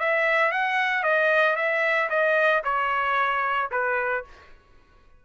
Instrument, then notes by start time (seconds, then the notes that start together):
trumpet
0.00 E5
0.52 F#5
1.03 D#5
1.56 E5
2.10 D#5
2.65 C#5
3.71 B4